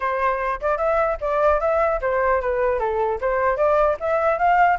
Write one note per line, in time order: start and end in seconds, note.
0.00 0.60 C5
0.61 0.77 D5
0.77 1.17 E5
1.20 1.60 D5
1.60 2.00 E5
2.01 2.41 C5
2.41 2.79 B4
2.79 3.19 A4
3.21 3.57 C5
3.57 3.97 D5
3.99 4.38 E5
4.38 4.78 F5